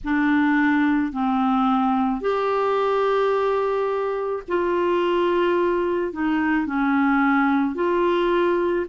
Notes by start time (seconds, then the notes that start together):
0.04 D4
1.12 C4
2.20 G4
4.47 F4
6.13 D#4
6.66 C#4
7.75 F4